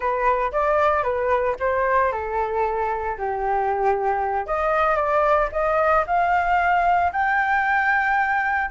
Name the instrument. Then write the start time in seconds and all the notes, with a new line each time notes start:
flute
0.00 B4
0.52 D5
1.03 B4
1.59 C5
2.11 A4
3.17 G4
4.46 D#5
4.96 D5
5.52 D#5
6.06 F5
7.12 G5